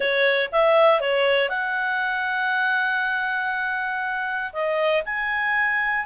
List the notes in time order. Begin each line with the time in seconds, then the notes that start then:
0.00 C#5
0.52 E5
1.00 C#5
1.49 F#5
4.52 D#5
5.05 G#5